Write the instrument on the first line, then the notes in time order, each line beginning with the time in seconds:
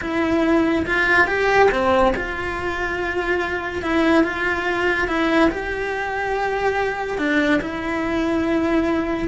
cello
0.01 E4
0.86 F4
1.27 G4
1.71 C4
2.16 F4
3.82 E4
4.23 F4
5.07 E4
5.50 G4
7.18 D4
7.61 E4